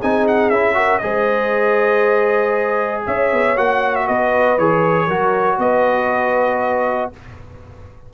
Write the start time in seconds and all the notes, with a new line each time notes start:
0.00 C4 D#4 G#4 G#5
0.28 F#5
0.50 C#4 E4 E5
0.74 F#4 A#4
0.99 G#3 G#4 D#5
1.05 C5
3.06 C#4 C#5 E5
3.33 B3
3.57 A#3 F#4 F#5
3.96 E5
4.07 B3 B4 D#5
4.58 E3 G#4 C#5
5.07 F#3 F#4 A#4
5.59 B3 B4 D#5